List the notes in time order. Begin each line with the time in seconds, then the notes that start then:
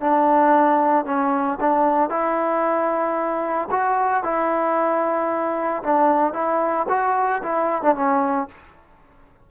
0.00 D4
1.05 C#4
1.60 D4
2.09 E4
3.71 F#4
4.23 E4
5.83 D4
6.33 E4
6.89 F#4
7.43 E4
7.82 D4
7.95 C#4